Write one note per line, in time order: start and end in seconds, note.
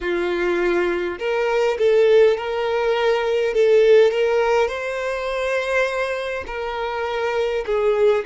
0.01 1.18 F4
1.18 1.77 A#4
1.78 2.37 A4
2.37 3.53 A#4
3.53 4.11 A4
4.11 4.67 A#4
4.67 6.44 C5
6.47 7.64 A#4
7.65 8.24 G#4